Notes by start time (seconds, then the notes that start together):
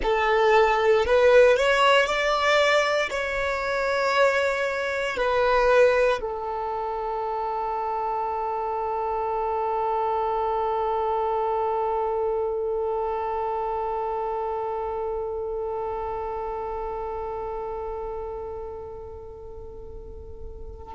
0.02 A4
1.05 B4
1.57 C#5
2.06 D5
3.09 C#5
5.16 B4
6.20 A4